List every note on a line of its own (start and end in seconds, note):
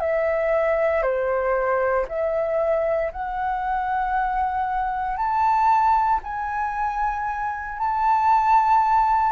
0.00 1.02 E5
1.02 2.05 C5
2.08 3.11 E5
3.12 5.16 F#5
5.16 6.20 A5
6.23 7.78 G#5
7.78 9.32 A5